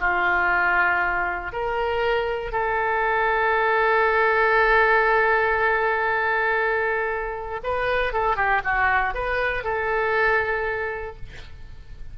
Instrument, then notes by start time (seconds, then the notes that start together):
oboe
0.00 F4
1.52 A#4
2.52 A4
7.64 B4
8.13 A4
8.36 G4
8.65 F#4
9.14 B4
9.64 A4